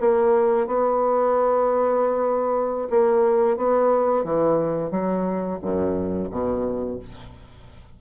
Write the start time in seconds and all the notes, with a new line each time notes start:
0.00 A#3
0.67 B3
2.90 A#3
3.57 B3
4.24 E3
4.91 F#3
5.62 F#2
6.31 B2